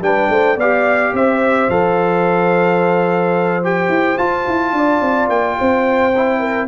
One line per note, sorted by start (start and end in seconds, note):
0.00 0.28 G3
0.00 0.57 D4
0.00 0.30 B4
0.00 0.58 G5
0.28 0.56 A3
0.28 0.56 C5
0.56 1.11 B3
0.56 1.70 G4
0.56 1.12 D5
0.56 1.15 F5
1.12 1.68 C4
1.12 4.75 C5
1.12 1.69 E5
1.69 3.88 F3
1.69 3.62 A4
1.69 3.64 F5
3.62 4.17 G4
3.62 4.17 G5
3.88 4.16 E4
4.17 6.12 F4
4.17 4.46 F4
4.17 5.28 A5
4.47 4.72 E4
4.72 5.00 D4
4.72 5.58 D5
5.01 5.28 C4
5.28 5.56 A#3
5.28 6.68 G5
5.58 6.68 C4
5.58 6.39 C5
6.16 6.68 E4
6.39 6.67 A#4